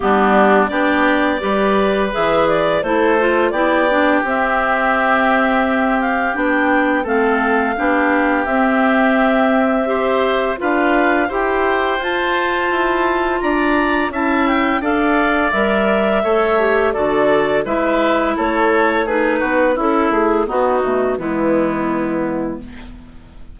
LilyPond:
<<
  \new Staff \with { instrumentName = "clarinet" } { \time 4/4 \tempo 4 = 85 g'4 d''2 e''8 d''8 | c''4 d''4 e''2~ | e''8 f''8 g''4 f''2 | e''2. f''4 |
g''4 a''2 ais''4 | a''8 g''8 f''4 e''2 | d''4 e''4 cis''4 b'4 | a'8 gis'8 fis'4 e'2 | }
  \new Staff \with { instrumentName = "oboe" } { \time 4/4 d'4 g'4 b'2 | a'4 g'2.~ | g'2 a'4 g'4~ | g'2 c''4 b'4 |
c''2. d''4 | e''4 d''2 cis''4 | a'4 b'4 a'4 gis'8 fis'8 | e'4 dis'4 b2 | }
  \new Staff \with { instrumentName = "clarinet" } { \time 4/4 b4 d'4 g'4 gis'4 | e'8 f'8 e'8 d'8 c'2~ | c'4 d'4 c'4 d'4 | c'2 g'4 f'4 |
g'4 f'2. | e'4 a'4 ais'4 a'8 g'8 | fis'4 e'2 dis'4 | e'4 b8 a8 gis2 | }
  \new Staff \with { instrumentName = "bassoon" } { \time 4/4 g4 b4 g4 e4 | a4 b4 c'2~ | c'4 b4 a4 b4 | c'2. d'4 |
e'4 f'4 e'4 d'4 | cis'4 d'4 g4 a4 | d4 gis4 a4. b8 | cis'8 a8 b8 b,8 e2 | }
>>